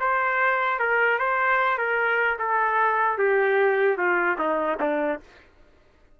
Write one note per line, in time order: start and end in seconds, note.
0.00 0.79 C5
0.79 1.19 A#4
1.19 1.78 C5
1.78 2.38 A#4
2.39 3.18 A4
3.18 3.97 G4
3.97 4.37 F4
4.38 4.78 D#4
4.80 5.20 D4